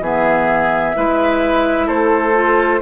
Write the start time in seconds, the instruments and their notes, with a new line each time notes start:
0.00 bassoon E3, clarinet B3, oboe G#4, flute E5
0.95 bassoon G#3, clarinet E4, oboe B4
1.87 bassoon A3, oboe A4, flute C5
2.34 clarinet F4